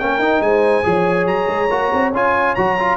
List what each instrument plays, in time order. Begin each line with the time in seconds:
0.00 tuba A#3, trombone C#4, horn A#4, trumpet G5
0.19 tuba D#4, trombone D#4
0.41 tuba G#3, horn C5, trumpet G#5
0.84 tuba F3, trombone G#4, horn C#5
1.27 tuba F#3, trumpet A#5
1.48 tuba G#3
1.70 tuba A#3, trombone F#4
1.93 tuba C4
2.13 tuba C#4, trombone F4, trumpet G#5
2.55 tuba F#3, trombone F#4, trumpet A#5
2.80 trombone F4